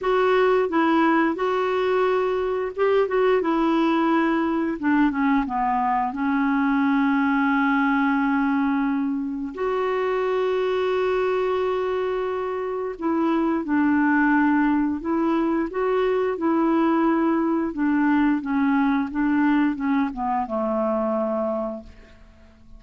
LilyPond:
\new Staff \with { instrumentName = "clarinet" } { \time 4/4 \tempo 4 = 88 fis'4 e'4 fis'2 | g'8 fis'8 e'2 d'8 cis'8 | b4 cis'2.~ | cis'2 fis'2~ |
fis'2. e'4 | d'2 e'4 fis'4 | e'2 d'4 cis'4 | d'4 cis'8 b8 a2 | }